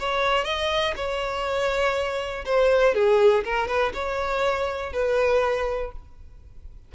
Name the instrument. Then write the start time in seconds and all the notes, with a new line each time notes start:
violin
0.00 C#5
0.45 D#5
0.96 C#5
2.46 C5
2.95 G#4
3.45 A#4
3.68 B4
3.94 C#5
4.93 B4